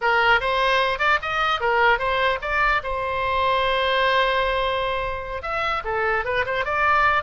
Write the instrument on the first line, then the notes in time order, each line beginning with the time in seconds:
oboe
0.01 A#4
0.40 C5
0.98 D5
1.22 D#5
1.60 A#4
1.98 C5
2.41 D5
2.83 C5
5.42 E5
5.84 A4
6.25 B4
6.45 C5
6.64 D5